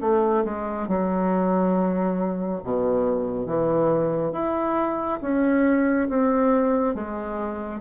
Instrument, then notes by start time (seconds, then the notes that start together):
bassoon
0.00 A3
0.44 G#3
0.87 F#3
2.63 B2
3.45 E3
4.32 E4
5.21 C#4
6.08 C4
6.94 G#3